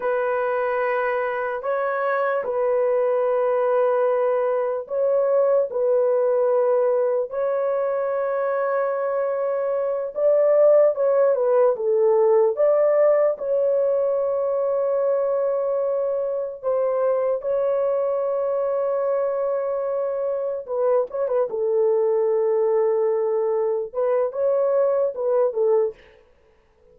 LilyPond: \new Staff \with { instrumentName = "horn" } { \time 4/4 \tempo 4 = 74 b'2 cis''4 b'4~ | b'2 cis''4 b'4~ | b'4 cis''2.~ | cis''8 d''4 cis''8 b'8 a'4 d''8~ |
d''8 cis''2.~ cis''8~ | cis''8 c''4 cis''2~ cis''8~ | cis''4. b'8 cis''16 b'16 a'4.~ | a'4. b'8 cis''4 b'8 a'8 | }